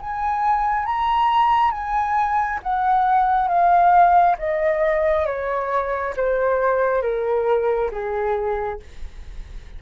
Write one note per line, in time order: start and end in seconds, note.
0.00 0.85 G#5
0.85 1.71 A#5
1.71 2.59 G#5
2.63 3.48 F#5
3.48 4.36 F5
4.39 5.26 D#5
5.26 6.14 C#5
6.16 7.02 C5
7.02 7.91 A#4
7.91 8.80 G#4